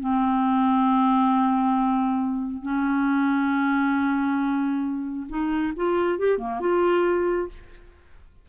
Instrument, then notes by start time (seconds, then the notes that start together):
clarinet
0.00 C4
2.62 C#4
5.29 D#4
5.76 F4
6.19 G4
6.38 A#3
6.61 F4